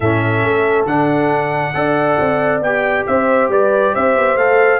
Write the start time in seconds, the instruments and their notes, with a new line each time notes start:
0.00 tuba A2, trombone C#4, horn A4, trumpet E5
0.43 tuba A3
0.86 tuba D3, trombone D4, trumpet F#5
1.74 tuba D4, trombone A4, horn D5
2.19 tuba C4
2.60 tuba B3, trombone G4, trumpet G5
3.06 tuba C4, horn C5, trumpet E5
3.48 tuba G3, horn B4, trumpet D5
3.93 tuba C4, horn C5, trumpet E5
4.16 tuba B3
4.36 tuba A3, trombone A4, trumpet F5